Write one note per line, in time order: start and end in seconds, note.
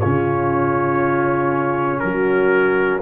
0.00 2.03 C#3
0.00 3.02 C#4
0.00 2.01 F4
0.00 1.99 C#5
1.99 3.02 F#3
1.99 3.02 F#4
1.99 2.99 A#4